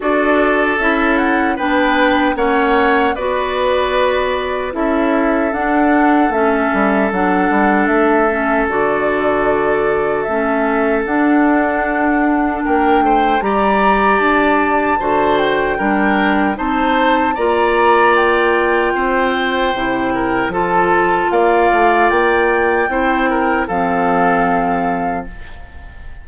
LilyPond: <<
  \new Staff \with { instrumentName = "flute" } { \time 4/4 \tempo 4 = 76 d''4 e''8 fis''8 g''4 fis''4 | d''2 e''4 fis''4 | e''4 fis''4 e''4 d''4~ | d''4 e''4 fis''2 |
g''4 ais''4 a''4. g''8~ | g''4 a''4 ais''4 g''4~ | g''2 a''4 f''4 | g''2 f''2 | }
  \new Staff \with { instrumentName = "oboe" } { \time 4/4 a'2 b'4 cis''4 | b'2 a'2~ | a'1~ | a'1 |
ais'8 c''8 d''2 c''4 | ais'4 c''4 d''2 | c''4. ais'8 a'4 d''4~ | d''4 c''8 ais'8 a'2 | }
  \new Staff \with { instrumentName = "clarinet" } { \time 4/4 fis'4 e'4 d'4 cis'4 | fis'2 e'4 d'4 | cis'4 d'4. cis'8 fis'4~ | fis'4 cis'4 d'2~ |
d'4 g'2 fis'4 | d'4 dis'4 f'2~ | f'4 e'4 f'2~ | f'4 e'4 c'2 | }
  \new Staff \with { instrumentName = "bassoon" } { \time 4/4 d'4 cis'4 b4 ais4 | b2 cis'4 d'4 | a8 g8 fis8 g8 a4 d4~ | d4 a4 d'2 |
ais8 a8 g4 d'4 d4 | g4 c'4 ais2 | c'4 c4 f4 ais8 a8 | ais4 c'4 f2 | }
>>